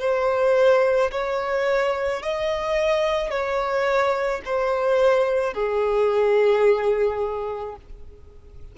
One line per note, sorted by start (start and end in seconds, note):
0.00 1.11 C5
1.12 2.23 C#5
2.23 3.31 D#5
3.31 4.42 C#5
4.45 5.54 C5
5.54 7.76 G#4